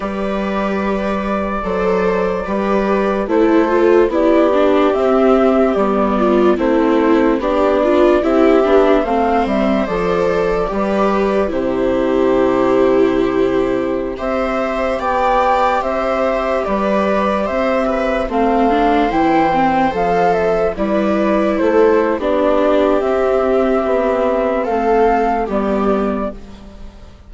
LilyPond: <<
  \new Staff \with { instrumentName = "flute" } { \time 4/4 \tempo 4 = 73 d''1 | c''4 d''4 e''4 d''4 | c''4 d''4 e''4 f''8 e''8 | d''2 c''2~ |
c''4~ c''16 e''4 g''4 e''8.~ | e''16 d''4 e''4 f''4 g''8.~ | g''16 f''8 e''8 d''4 c''8. d''4 | e''2 f''4 d''4 | }
  \new Staff \with { instrumentName = "viola" } { \time 4/4 b'2 c''4 b'4 | a'4 g'2~ g'8 f'8 | e'4 d'4 g'4 c''4~ | c''4 b'4 g'2~ |
g'4~ g'16 c''4 d''4 c''8.~ | c''16 b'4 c''8 b'8 c''4.~ c''16~ | c''4~ c''16 b'4 a'8. g'4~ | g'2 a'4 g'4 | }
  \new Staff \with { instrumentName = "viola" } { \time 4/4 g'2 a'4 g'4 | e'8 f'8 e'8 d'8 c'4 b4 | c'4 g'8 f'8 e'8 d'8 c'4 | a'4 g'4 e'2~ |
e'4~ e'16 g'2~ g'8.~ | g'2~ g'16 c'8 d'8 e'8 c'16~ | c'16 a'4 e'4.~ e'16 d'4 | c'2. b4 | }
  \new Staff \with { instrumentName = "bassoon" } { \time 4/4 g2 fis4 g4 | a4 b4 c'4 g4 | a4 b4 c'8 b8 a8 g8 | f4 g4 c2~ |
c4~ c16 c'4 b4 c'8.~ | c'16 g4 c'4 a4 e8.~ | e16 f4 g4 a8. b4 | c'4 b4 a4 g4 | }
>>